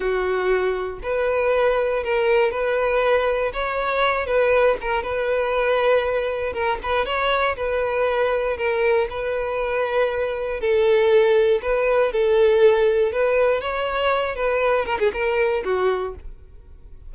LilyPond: \new Staff \with { instrumentName = "violin" } { \time 4/4 \tempo 4 = 119 fis'2 b'2 | ais'4 b'2 cis''4~ | cis''8 b'4 ais'8 b'2~ | b'4 ais'8 b'8 cis''4 b'4~ |
b'4 ais'4 b'2~ | b'4 a'2 b'4 | a'2 b'4 cis''4~ | cis''8 b'4 ais'16 gis'16 ais'4 fis'4 | }